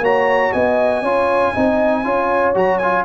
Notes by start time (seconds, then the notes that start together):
0.00 A#3 F#4 C#5 A#5
0.53 B3 D#5 G#5
1.02 C#4 F4 C#5
1.54 C4 D#4 D#5
2.04 C#4 F4 C#5
2.55 F#3 F#4 A#5
2.78 F4 G#5